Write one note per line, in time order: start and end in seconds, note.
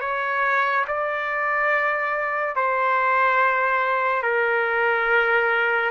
0.00 0.85 C#5
0.87 2.55 D5
2.55 4.22 C5
4.22 5.90 A#4